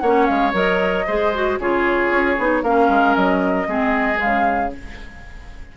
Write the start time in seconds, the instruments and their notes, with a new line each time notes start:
0.00 bassoon A#3, clarinet C#4, oboe C#5, flute F#5
0.26 bassoon G#3, flute F5
0.53 bassoon F#3, clarinet A#4, flute D#5
1.07 bassoon G#3, clarinet G#4, oboe C5
1.34 clarinet F#4
1.59 bassoon C#3, clarinet F4, oboe G#4, flute C#5
2.11 bassoon C#4
2.38 bassoon B3, clarinet D#4
2.62 bassoon A#3, clarinet C#4, oboe A#4, flute F5
2.90 bassoon G#3
3.15 bassoon F#3, flute D#5
3.67 bassoon G#3, clarinet C4, oboe G#4
4.16 clarinet G#3, flute F5
4.25 bassoon C#3